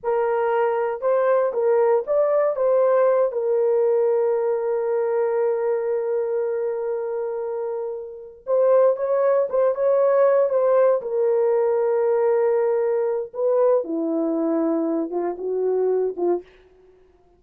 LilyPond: \new Staff \with { instrumentName = "horn" } { \time 4/4 \tempo 4 = 117 ais'2 c''4 ais'4 | d''4 c''4. ais'4.~ | ais'1~ | ais'1~ |
ais'8 c''4 cis''4 c''8 cis''4~ | cis''8 c''4 ais'2~ ais'8~ | ais'2 b'4 e'4~ | e'4. f'8 fis'4. f'8 | }